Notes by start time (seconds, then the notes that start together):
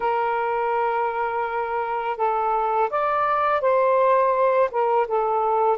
0.00 A#4
2.17 A4
2.89 D5
3.61 C5
4.71 A#4
5.07 A4